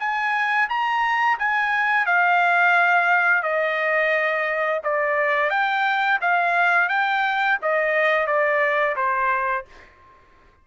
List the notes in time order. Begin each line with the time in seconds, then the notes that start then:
0.00 G#5
0.70 A#5
1.39 G#5
2.07 F5
3.43 D#5
4.84 D5
5.50 G5
6.22 F5
6.89 G5
7.62 D#5
8.27 D5
8.97 C5